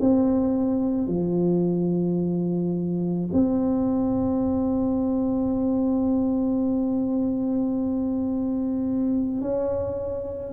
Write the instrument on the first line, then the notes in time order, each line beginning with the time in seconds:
tuba
0.00 C4
1.07 F3
3.32 C4
9.41 C#4